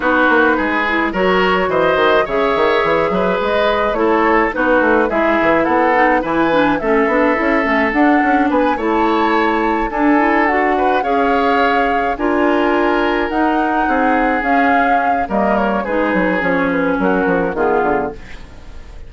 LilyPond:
<<
  \new Staff \with { instrumentName = "flute" } { \time 4/4 \tempo 4 = 106 b'2 cis''4 dis''4 | e''2 dis''4 cis''4 | b'4 e''4 fis''4 gis''4 | e''2 fis''4 gis''8 a''8~ |
a''4. gis''4 fis''4 f''8~ | f''4. gis''2 fis''8~ | fis''4. f''4. dis''8 cis''8 | b'4 cis''8 b'8 ais'4 gis'4 | }
  \new Staff \with { instrumentName = "oboe" } { \time 4/4 fis'4 gis'4 ais'4 c''4 | cis''4. b'4. a'4 | fis'4 gis'4 a'4 b'4 | a'2. b'8 cis''8~ |
cis''4. a'4. b'8 cis''8~ | cis''4. ais'2~ ais'8~ | ais'8 gis'2~ gis'8 ais'4 | gis'2 fis'4 f'4 | }
  \new Staff \with { instrumentName = "clarinet" } { \time 4/4 dis'4. e'8 fis'2 | gis'2. e'4 | dis'4 e'4. dis'8 e'8 d'8 | cis'8 d'8 e'8 cis'8 d'4. e'8~ |
e'4. d'8 e'8 fis'4 gis'8~ | gis'4. f'2 dis'8~ | dis'4. cis'4. ais4 | dis'4 cis'2 b4 | }
  \new Staff \with { instrumentName = "bassoon" } { \time 4/4 b8 ais8 gis4 fis4 e8 dis8 | cis8 dis8 e8 fis8 gis4 a4 | b8 a8 gis8 e8 b4 e4 | a8 b8 cis'8 a8 d'8 cis'8 b8 a8~ |
a4. d'2 cis'8~ | cis'4. d'2 dis'8~ | dis'8 c'4 cis'4. g4 | gis8 fis8 f4 fis8 f8 dis8 d8 | }
>>